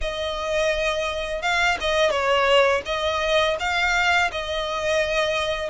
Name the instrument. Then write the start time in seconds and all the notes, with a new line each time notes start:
violin
0.01 D#5
1.42 F5
1.80 D#5
2.10 C#5
2.85 D#5
3.59 F5
4.31 D#5